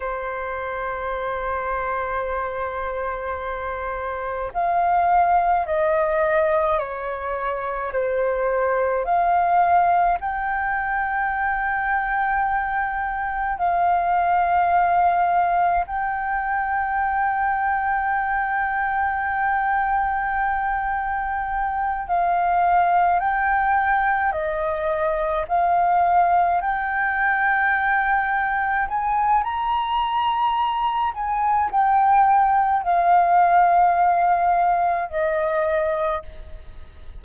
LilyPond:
\new Staff \with { instrumentName = "flute" } { \time 4/4 \tempo 4 = 53 c''1 | f''4 dis''4 cis''4 c''4 | f''4 g''2. | f''2 g''2~ |
g''2.~ g''8 f''8~ | f''8 g''4 dis''4 f''4 g''8~ | g''4. gis''8 ais''4. gis''8 | g''4 f''2 dis''4 | }